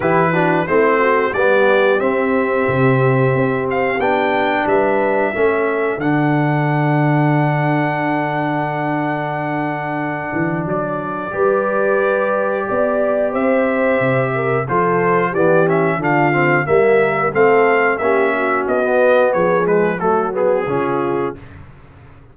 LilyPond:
<<
  \new Staff \with { instrumentName = "trumpet" } { \time 4/4 \tempo 4 = 90 b'4 c''4 d''4 e''4~ | e''4. f''8 g''4 e''4~ | e''4 fis''2.~ | fis''1 |
d''1 | e''2 c''4 d''8 e''8 | f''4 e''4 f''4 e''4 | dis''4 cis''8 b'8 a'8 gis'4. | }
  \new Staff \with { instrumentName = "horn" } { \time 4/4 g'8 fis'8 e'8 fis'8 g'2~ | g'2. b'4 | a'1~ | a'1~ |
a'4 b'2 d''4 | c''4. ais'8 a'4 g'4 | f'4 ais'4 a'4 g'8 fis'8~ | fis'4 gis'4 fis'4 f'4 | }
  \new Staff \with { instrumentName = "trombone" } { \time 4/4 e'8 d'8 c'4 b4 c'4~ | c'2 d'2 | cis'4 d'2.~ | d'1~ |
d'4 g'2.~ | g'2 f'4 b8 cis'8 | d'8 c'8 ais4 c'4 cis'4~ | cis'16 b4~ b16 gis8 a8 b8 cis'4 | }
  \new Staff \with { instrumentName = "tuba" } { \time 4/4 e4 a4 g4 c'4 | c4 c'4 b4 g4 | a4 d2.~ | d2.~ d8 e8 |
fis4 g2 b4 | c'4 c4 f4 e4 | d4 g4 a4 ais4 | b4 f4 fis4 cis4 | }
>>